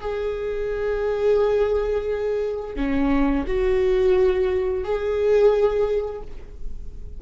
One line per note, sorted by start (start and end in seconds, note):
0.00 2.76 G#4
2.76 3.45 C#4
3.47 4.83 F#4
4.83 6.21 G#4